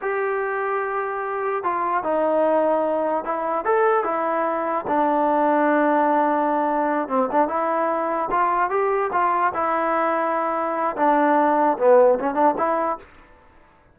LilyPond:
\new Staff \with { instrumentName = "trombone" } { \time 4/4 \tempo 4 = 148 g'1 | f'4 dis'2. | e'4 a'4 e'2 | d'1~ |
d'4. c'8 d'8 e'4.~ | e'8 f'4 g'4 f'4 e'8~ | e'2. d'4~ | d'4 b4 cis'8 d'8 e'4 | }